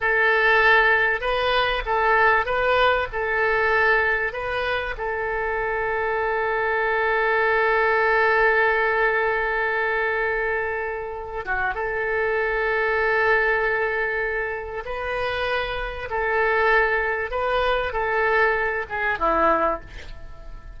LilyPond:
\new Staff \with { instrumentName = "oboe" } { \time 4/4 \tempo 4 = 97 a'2 b'4 a'4 | b'4 a'2 b'4 | a'1~ | a'1~ |
a'2~ a'8 fis'8 a'4~ | a'1 | b'2 a'2 | b'4 a'4. gis'8 e'4 | }